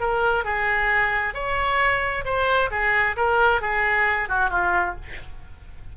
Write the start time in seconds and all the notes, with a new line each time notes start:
0.00 A#4
0.45 G#4
1.34 C#5
2.25 C5
2.71 G#4
3.16 A#4
3.61 G#4
4.29 F#4
4.50 F4